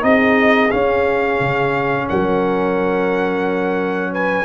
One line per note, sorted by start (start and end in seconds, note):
0.00 0.71 C4
0.00 0.68 D#4
0.00 2.07 G#4
0.00 0.70 D#5
0.70 4.45 C#4
0.70 1.40 C#4
0.70 2.07 F5
1.40 2.08 C#3
2.07 4.45 F#3
2.07 4.11 A#4
2.07 4.13 F#5
4.11 4.45 B4
4.11 4.45 G#5